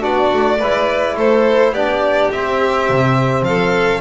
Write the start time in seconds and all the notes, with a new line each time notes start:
0.00 B3 D4 F#4 D5
0.33 A3
0.59 G#3 E4 B4
1.16 A3 A4 C5
1.72 B3 D4 G4 D5
2.31 C4 E5
2.90 C3
3.42 F3 A4 F5